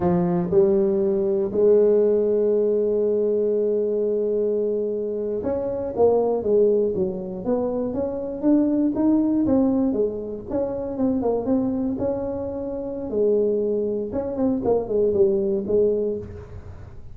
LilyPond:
\new Staff \with { instrumentName = "tuba" } { \time 4/4 \tempo 4 = 119 f4 g2 gis4~ | gis1~ | gis2~ gis8. cis'4 ais16~ | ais8. gis4 fis4 b4 cis'16~ |
cis'8. d'4 dis'4 c'4 gis16~ | gis8. cis'4 c'8 ais8 c'4 cis'16~ | cis'2 gis2 | cis'8 c'8 ais8 gis8 g4 gis4 | }